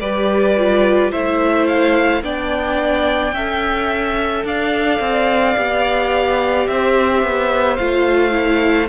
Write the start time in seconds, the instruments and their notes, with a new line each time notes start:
0.00 cello G3, viola G4, violin B4 D5
0.57 viola F4
1.11 cello A3, viola E4, violin C5 E5
1.67 violin F5
2.23 cello B3, viola D4, violin D5 G5
3.33 cello C#4, viola A4, violin E5
4.44 cello D4, violin D5 F5
5.00 cello C4
5.56 cello B3, viola G4
6.68 cello C4, violin C5 E5
7.23 cello B3
7.77 cello A3, viola F4, violin F5
8.31 viola E4